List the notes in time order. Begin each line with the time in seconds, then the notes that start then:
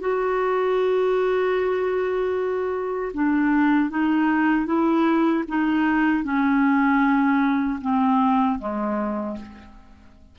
0.00 F#4
3.13 D4
3.90 D#4
4.66 E4
5.48 D#4
6.23 C#4
7.81 C4
8.59 G#3